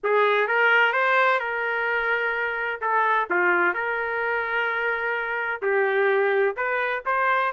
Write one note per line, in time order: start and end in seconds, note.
0.03 0.47 G#4
0.47 0.93 A#4
0.93 1.39 C5
1.39 2.80 A#4
2.81 3.28 A4
3.30 3.74 F4
3.74 5.61 A#4
5.61 6.55 G4
6.56 7.03 B4
7.05 7.52 C5